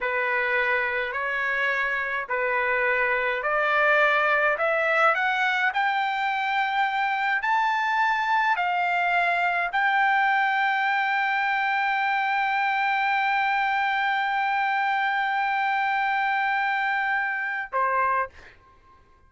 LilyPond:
\new Staff \with { instrumentName = "trumpet" } { \time 4/4 \tempo 4 = 105 b'2 cis''2 | b'2 d''2 | e''4 fis''4 g''2~ | g''4 a''2 f''4~ |
f''4 g''2.~ | g''1~ | g''1~ | g''2. c''4 | }